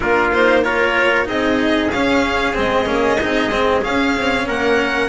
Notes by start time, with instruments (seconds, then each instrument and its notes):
0.00 double bass A#3, cello D4, trumpet F4, violin A#4
0.32 cello D#4, violin C5
0.63 cello F4, trumpet A#4, violin C#5
1.24 double bass C4, cello D#4, trumpet G#4, violin D#5
1.91 double bass C#4, cello C#4, violin F5
2.54 double bass G#3, cello C4, violin D#5
2.85 double bass A#3, cello C#4
3.20 double bass C4, cello D#4
3.48 double bass G#3, cello C4
3.81 cello C#4, double bass C#4, violin F5
4.16 double bass C4
4.46 double bass A#3, trumpet A#4, violin F#5